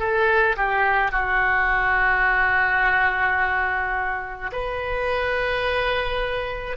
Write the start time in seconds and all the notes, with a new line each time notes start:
0.00 A4
0.57 G4
1.12 F#4
4.53 B4